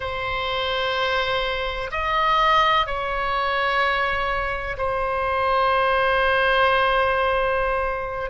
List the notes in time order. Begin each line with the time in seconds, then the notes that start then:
0.00 C5
1.90 D#5
2.86 C#5
4.77 C5